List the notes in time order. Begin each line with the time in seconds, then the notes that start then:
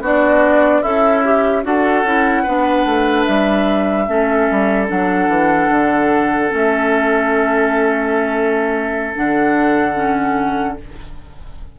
0.00 B3 D4 F#4 D5
0.81 C#4 E4 A4 E5
1.24 G4
1.63 D4 F#4 A4 F#5
2.03 C#4 E4
2.42 B3 D4 B4
2.85 A3
3.24 G3 E5
4.07 A3 C#4 A4
4.50 G3
4.87 F#3 D4 F#5
5.28 E3
5.69 D3
6.49 A3 C#4 E5
9.14 D3 D4 F#5
9.95 C#4